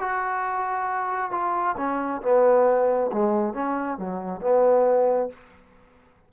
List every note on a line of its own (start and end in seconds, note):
0.00 1.32 F#4
1.32 1.76 F4
1.78 2.22 C#4
2.22 3.11 B3
3.13 3.54 G#3
3.54 3.99 C#4
3.99 4.41 F#3
4.41 5.30 B3